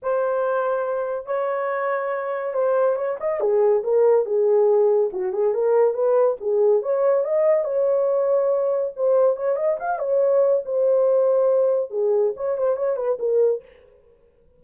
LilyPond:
\new Staff \with { instrumentName = "horn" } { \time 4/4 \tempo 4 = 141 c''2. cis''4~ | cis''2 c''4 cis''8 dis''8 | gis'4 ais'4 gis'2 | fis'8 gis'8 ais'4 b'4 gis'4 |
cis''4 dis''4 cis''2~ | cis''4 c''4 cis''8 dis''8 f''8 cis''8~ | cis''4 c''2. | gis'4 cis''8 c''8 cis''8 b'8 ais'4 | }